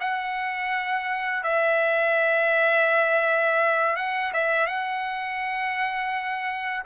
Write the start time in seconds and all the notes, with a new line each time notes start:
0.00 F#5
1.43 E5
3.96 F#5
4.33 E5
4.66 F#5